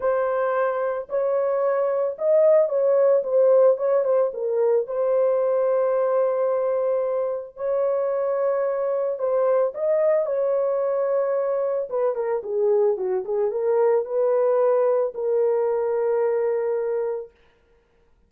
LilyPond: \new Staff \with { instrumentName = "horn" } { \time 4/4 \tempo 4 = 111 c''2 cis''2 | dis''4 cis''4 c''4 cis''8 c''8 | ais'4 c''2.~ | c''2 cis''2~ |
cis''4 c''4 dis''4 cis''4~ | cis''2 b'8 ais'8 gis'4 | fis'8 gis'8 ais'4 b'2 | ais'1 | }